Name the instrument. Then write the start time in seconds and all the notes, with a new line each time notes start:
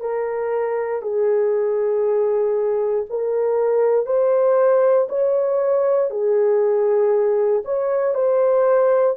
horn
0.00 A#4
1.02 G#4
3.09 A#4
4.05 C5
5.08 C#5
6.10 G#4
7.65 C#5
8.14 C5